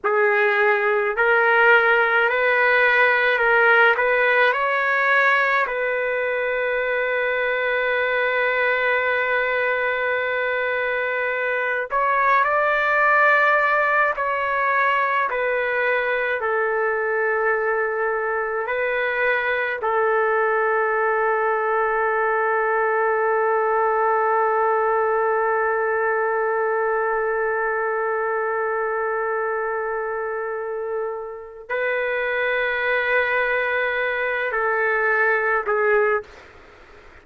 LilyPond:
\new Staff \with { instrumentName = "trumpet" } { \time 4/4 \tempo 4 = 53 gis'4 ais'4 b'4 ais'8 b'8 | cis''4 b'2.~ | b'2~ b'8 cis''8 d''4~ | d''8 cis''4 b'4 a'4.~ |
a'8 b'4 a'2~ a'8~ | a'1~ | a'1 | b'2~ b'8 a'4 gis'8 | }